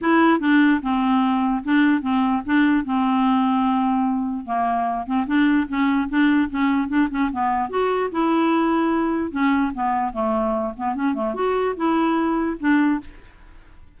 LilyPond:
\new Staff \with { instrumentName = "clarinet" } { \time 4/4 \tempo 4 = 148 e'4 d'4 c'2 | d'4 c'4 d'4 c'4~ | c'2. ais4~ | ais8 c'8 d'4 cis'4 d'4 |
cis'4 d'8 cis'8 b4 fis'4 | e'2. cis'4 | b4 a4. b8 cis'8 a8 | fis'4 e'2 d'4 | }